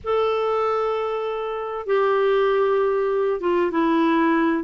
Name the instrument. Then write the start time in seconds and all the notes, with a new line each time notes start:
clarinet
0.03 A4
1.86 G4
3.40 F4
3.71 E4